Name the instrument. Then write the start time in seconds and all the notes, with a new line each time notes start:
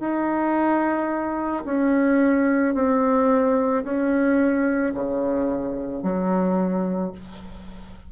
bassoon
0.00 D#4
1.66 C#4
2.75 C4
3.84 C#4
4.94 C#3
6.03 F#3